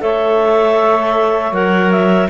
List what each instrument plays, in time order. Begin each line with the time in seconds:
0.00 cello A3, clarinet A4 E5, saxophone C#5
1.52 cello F#3, clarinet A#4 F#5
1.91 clarinet E5